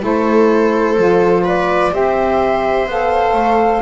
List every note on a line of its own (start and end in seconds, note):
0.00 0.97 A3
0.00 0.95 E4
0.00 1.44 A4
0.00 1.48 C5
0.97 1.92 F3
0.97 1.92 F4
1.44 1.92 B4
1.44 1.94 D5
1.92 2.87 C4
1.92 2.87 G4
1.92 3.82 C5
1.92 2.89 E5
2.87 3.33 B3
2.87 3.82 A4
2.87 3.82 F5
3.33 3.81 A3